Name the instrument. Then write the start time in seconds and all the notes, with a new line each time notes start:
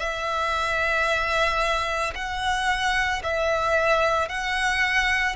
violin
0.00 E5
2.15 F#5
3.23 E5
4.29 F#5